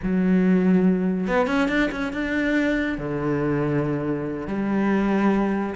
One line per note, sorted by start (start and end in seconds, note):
0.02 1.27 F#3
1.27 1.47 B3
1.47 1.68 C#4
1.68 1.89 D4
1.91 2.12 C#4
2.12 2.97 D4
2.98 4.47 D3
4.47 5.74 G3